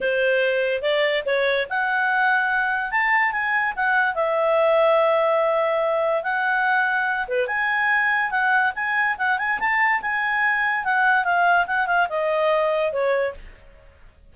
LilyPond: \new Staff \with { instrumentName = "clarinet" } { \time 4/4 \tempo 4 = 144 c''2 d''4 cis''4 | fis''2. a''4 | gis''4 fis''4 e''2~ | e''2. fis''4~ |
fis''4. b'8 gis''2 | fis''4 gis''4 fis''8 gis''8 a''4 | gis''2 fis''4 f''4 | fis''8 f''8 dis''2 cis''4 | }